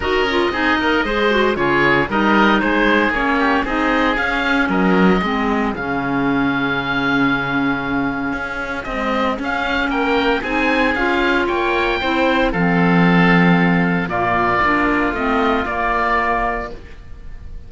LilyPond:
<<
  \new Staff \with { instrumentName = "oboe" } { \time 4/4 \tempo 4 = 115 dis''2. cis''4 | dis''4 c''4 cis''4 dis''4 | f''4 dis''2 f''4~ | f''1~ |
f''4 dis''4 f''4 g''4 | gis''4 f''4 g''2 | f''2. d''4~ | d''4 dis''4 d''2 | }
  \new Staff \with { instrumentName = "oboe" } { \time 4/4 ais'4 gis'8 ais'8 c''4 gis'4 | ais'4 gis'4. g'8 gis'4~ | gis'4 ais'4 gis'2~ | gis'1~ |
gis'2. ais'4 | gis'2 cis''4 c''4 | a'2. f'4~ | f'1 | }
  \new Staff \with { instrumentName = "clarinet" } { \time 4/4 fis'8 f'8 dis'4 gis'8 fis'8 f'4 | dis'2 cis'4 dis'4 | cis'2 c'4 cis'4~ | cis'1~ |
cis'4 gis4 cis'2 | dis'4 f'2 e'4 | c'2. ais4 | d'4 c'4 ais2 | }
  \new Staff \with { instrumentName = "cello" } { \time 4/4 dis'8 cis'8 c'8 ais8 gis4 cis4 | g4 gis4 ais4 c'4 | cis'4 fis4 gis4 cis4~ | cis1 |
cis'4 c'4 cis'4 ais4 | c'4 cis'4 ais4 c'4 | f2. ais,4 | ais4 a4 ais2 | }
>>